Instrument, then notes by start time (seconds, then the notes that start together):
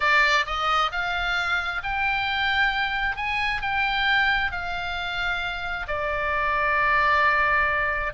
oboe
0.00 D5
0.46 D#5
0.91 F5
1.83 G5
3.16 G#5
3.61 G5
4.51 F5
5.87 D5